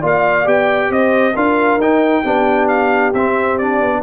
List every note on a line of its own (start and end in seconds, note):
0.00 0.46 A#3
0.00 0.44 F4
0.00 0.89 D5
0.00 0.48 F5
0.44 0.90 B3
0.44 1.33 G4
0.44 0.92 G5
0.90 1.34 C4
0.90 1.35 C5
0.90 1.36 D#5
1.35 1.77 D4
1.35 1.80 F4
1.35 2.23 A#4
1.35 1.81 F5
1.77 2.21 D#4
1.77 2.24 D#4
1.77 2.68 G5
2.23 3.13 B3
2.23 3.13 D4
2.23 4.01 G4
2.68 3.12 F5
3.13 3.80 C4
3.13 3.61 C4
3.13 3.58 E5
3.58 4.02 D4
3.58 4.02 D5
3.80 4.02 B3